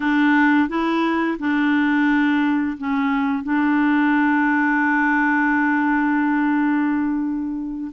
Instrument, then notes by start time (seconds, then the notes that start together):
clarinet
0.00 D4
0.68 E4
1.39 D4
2.77 C#4
3.43 D4